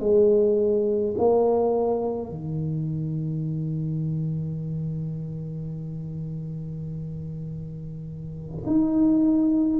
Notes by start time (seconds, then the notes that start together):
0.00 G#3
1.17 A#3
2.29 D#3
8.66 D#4